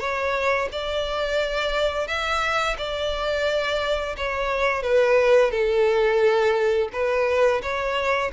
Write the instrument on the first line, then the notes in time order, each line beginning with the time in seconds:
violin
0.00 C#5
0.72 D5
2.08 E5
2.78 D5
4.18 C#5
4.83 B4
5.51 A4
6.93 B4
7.62 C#5